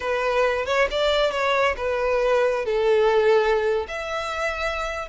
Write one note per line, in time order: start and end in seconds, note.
0.00 0.65 B4
0.65 0.87 C#5
0.90 1.31 D5
1.31 1.75 C#5
1.76 2.65 B4
2.65 3.86 A4
3.87 5.08 E5